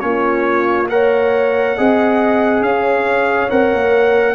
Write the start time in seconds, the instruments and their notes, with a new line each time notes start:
0.00 tuba A#3, trombone C#4, horn F4, trumpet C#5
0.89 trombone A#4, horn C#5, trumpet F#5
1.77 tuba C4, trombone G#4, horn D#5
2.61 tuba C#4, horn C#5, trumpet F5
3.50 tuba C4, trombone A#4, trumpet F#5
3.73 tuba A#3